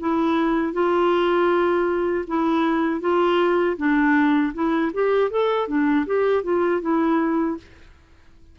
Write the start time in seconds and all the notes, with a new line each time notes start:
0.00 E4
0.74 F4
2.28 E4
3.01 F4
3.77 D4
4.54 E4
4.94 G4
5.31 A4
5.68 D4
6.07 G4
6.44 F4
6.82 E4